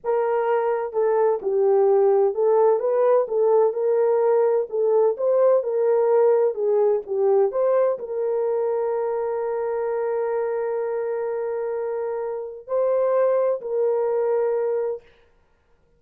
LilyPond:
\new Staff \with { instrumentName = "horn" } { \time 4/4 \tempo 4 = 128 ais'2 a'4 g'4~ | g'4 a'4 b'4 a'4 | ais'2 a'4 c''4 | ais'2 gis'4 g'4 |
c''4 ais'2.~ | ais'1~ | ais'2. c''4~ | c''4 ais'2. | }